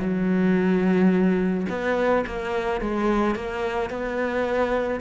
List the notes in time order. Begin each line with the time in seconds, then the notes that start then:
0.00 F#3
1.69 B3
2.27 A#3
2.81 G#3
3.36 A#3
3.90 B3